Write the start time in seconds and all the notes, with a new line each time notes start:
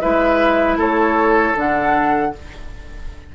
0.00 G#3 E4 B4 E5
0.77 A3 A4 C#5
1.55 D3 D4 F#5